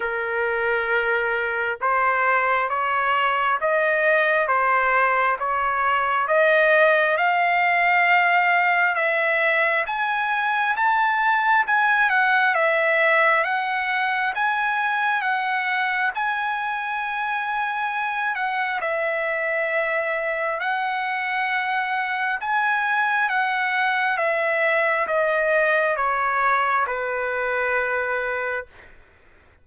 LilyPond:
\new Staff \with { instrumentName = "trumpet" } { \time 4/4 \tempo 4 = 67 ais'2 c''4 cis''4 | dis''4 c''4 cis''4 dis''4 | f''2 e''4 gis''4 | a''4 gis''8 fis''8 e''4 fis''4 |
gis''4 fis''4 gis''2~ | gis''8 fis''8 e''2 fis''4~ | fis''4 gis''4 fis''4 e''4 | dis''4 cis''4 b'2 | }